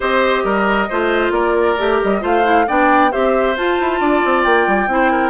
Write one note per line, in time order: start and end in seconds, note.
0.00 0.44 C4
0.00 0.89 G4
0.00 0.43 C5
0.00 1.32 D#5
0.44 0.88 G3
0.44 0.88 A#4
0.89 1.30 A3
0.89 1.77 F4
0.89 1.32 C5
1.30 1.75 A#3
1.30 2.21 A#4
1.30 1.98 D5
1.77 2.01 A3
1.77 2.20 G4
2.02 2.22 G3
2.02 2.24 D#5
2.20 2.67 A3
2.20 2.42 F4
2.20 2.66 C5
2.20 2.68 F5
2.43 2.65 E4
2.67 3.13 B3
2.67 3.11 D4
2.67 3.11 D5
2.67 3.11 G5
3.11 3.56 C4
3.11 3.55 G4
3.11 4.00 C5
3.11 3.56 E5
3.56 3.78 F4
3.56 4.88 F4
3.56 4.43 A5
3.80 4.00 E4
4.00 4.22 D4
4.00 4.88 D5
4.25 4.45 C4
4.43 4.67 A#3
4.43 5.30 G5
4.67 4.87 G3
4.87 5.30 C4
4.87 5.30 E4
4.87 5.11 C5
5.11 5.30 A#4